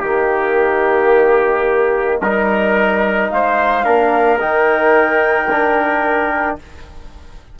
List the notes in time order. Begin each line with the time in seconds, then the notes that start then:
0.00 D#3 A#3 G4 D#5
2.20 G3 D#4 A#4
3.29 G#3 C5 F5
3.83 A#3 D4 A#4
4.39 D#3 D#4 G5
5.50 D4